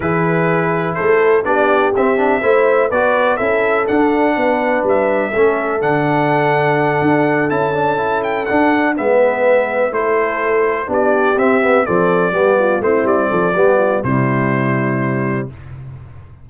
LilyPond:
<<
  \new Staff \with { instrumentName = "trumpet" } { \time 4/4 \tempo 4 = 124 b'2 c''4 d''4 | e''2 d''4 e''4 | fis''2 e''2 | fis''2.~ fis''8 a''8~ |
a''4 g''8 fis''4 e''4.~ | e''8 c''2 d''4 e''8~ | e''8 d''2 c''8 d''4~ | d''4 c''2. | }
  \new Staff \with { instrumentName = "horn" } { \time 4/4 gis'2 a'4 g'4~ | g'4 c''4 b'4 a'4~ | a'4 b'2 a'4~ | a'1~ |
a'2~ a'8 b'4.~ | b'8 a'2 g'4.~ | g'8 a'4 g'8 f'8 e'4 a'8 | g'8 f'8 e'2. | }
  \new Staff \with { instrumentName = "trombone" } { \time 4/4 e'2. d'4 | c'8 d'8 e'4 fis'4 e'4 | d'2. cis'4 | d'2.~ d'8 e'8 |
d'8 e'4 d'4 b4.~ | b8 e'2 d'4 c'8 | b8 c'4 b4 c'4. | b4 g2. | }
  \new Staff \with { instrumentName = "tuba" } { \time 4/4 e2 a4 b4 | c'4 a4 b4 cis'4 | d'4 b4 g4 a4 | d2~ d8 d'4 cis'8~ |
cis'4. d'4 gis4.~ | gis8 a2 b4 c'8~ | c'8 f4 g4 a8 g8 f8 | g4 c2. | }
>>